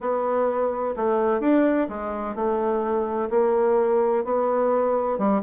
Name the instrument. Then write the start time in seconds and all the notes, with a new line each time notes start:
bassoon
0.00 B3
0.96 A3
1.40 D4
1.89 G#3
2.35 A3
3.29 A#3
4.24 B3
5.18 G3